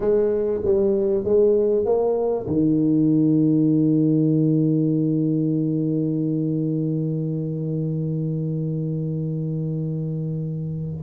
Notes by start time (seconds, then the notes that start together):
0.00 G#3
0.64 G3
1.24 G#3
1.85 A#3
2.46 D#3